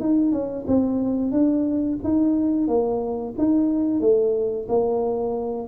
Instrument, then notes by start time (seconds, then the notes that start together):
tuba
0.00 D#4
0.32 C#4
0.67 C4
1.32 D4
2.04 D#4
2.68 A#3
3.38 D#4
4.01 A3
4.68 A#3